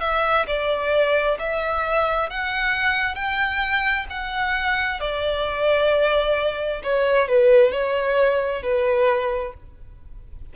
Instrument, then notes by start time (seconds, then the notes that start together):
violin
0.00 E5
0.47 D5
1.38 E5
2.29 F#5
3.15 G5
4.10 F#5
5.00 D5
6.83 C#5
7.28 B4
7.71 C#5
8.62 B4